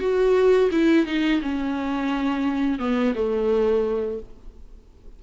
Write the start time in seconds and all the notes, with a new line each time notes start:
0.00 F#4
0.71 E4
1.06 D#4
1.42 C#4
2.79 B3
3.15 A3